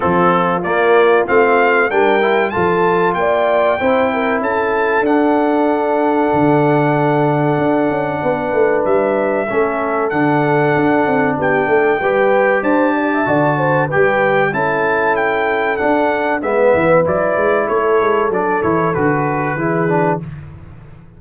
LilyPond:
<<
  \new Staff \with { instrumentName = "trumpet" } { \time 4/4 \tempo 4 = 95 a'4 d''4 f''4 g''4 | a''4 g''2 a''4 | fis''1~ | fis''2 e''2 |
fis''2 g''2 | a''2 g''4 a''4 | g''4 fis''4 e''4 d''4 | cis''4 d''8 cis''8 b'2 | }
  \new Staff \with { instrumentName = "horn" } { \time 4/4 f'2. ais'4 | a'4 d''4 c''8 ais'8 a'4~ | a'1~ | a'4 b'2 a'4~ |
a'2 g'8 a'8 b'4 | c''8 d''16 e''16 d''8 c''8 b'4 a'4~ | a'2 b'2 | a'2. gis'4 | }
  \new Staff \with { instrumentName = "trombone" } { \time 4/4 c'4 ais4 c'4 d'8 e'8 | f'2 e'2 | d'1~ | d'2. cis'4 |
d'2. g'4~ | g'4 fis'4 g'4 e'4~ | e'4 d'4 b4 e'4~ | e'4 d'8 e'8 fis'4 e'8 d'8 | }
  \new Staff \with { instrumentName = "tuba" } { \time 4/4 f4 ais4 a4 g4 | f4 ais4 c'4 cis'4 | d'2 d2 | d'8 cis'8 b8 a8 g4 a4 |
d4 d'8 c'8 b8 a8 g4 | d'4 d4 g4 cis'4~ | cis'4 d'4 gis8 e8 fis8 gis8 | a8 gis8 fis8 e8 d4 e4 | }
>>